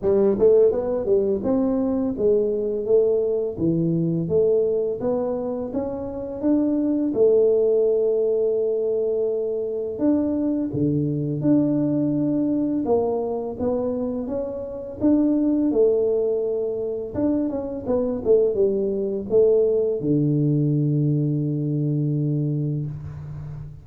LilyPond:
\new Staff \with { instrumentName = "tuba" } { \time 4/4 \tempo 4 = 84 g8 a8 b8 g8 c'4 gis4 | a4 e4 a4 b4 | cis'4 d'4 a2~ | a2 d'4 d4 |
d'2 ais4 b4 | cis'4 d'4 a2 | d'8 cis'8 b8 a8 g4 a4 | d1 | }